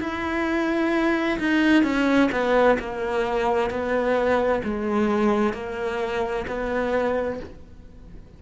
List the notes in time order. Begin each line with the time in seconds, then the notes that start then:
0.00 E4
1.39 D#4
1.83 C#4
2.31 B3
2.79 A#3
3.70 B3
4.64 G#3
5.53 A#3
6.47 B3